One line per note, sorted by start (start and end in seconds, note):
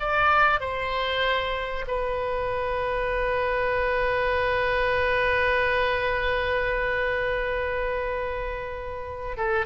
0.00 0.61 D5
0.61 1.86 C5
1.88 9.37 B4
9.37 9.66 A4